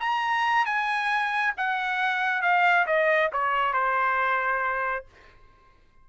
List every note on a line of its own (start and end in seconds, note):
0.00 0.65 A#5
0.65 1.54 G#5
1.57 2.42 F#5
2.42 2.86 F5
2.87 3.31 D#5
3.32 3.73 C#5
3.73 5.06 C5